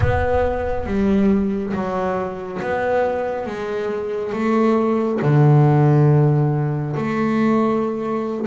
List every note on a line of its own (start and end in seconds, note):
0.00 0.85 B3
0.85 1.72 G3
1.73 2.60 F#3
2.62 3.46 B3
3.46 4.32 G#3
4.32 5.19 A3
5.22 6.96 D3
6.96 8.47 A3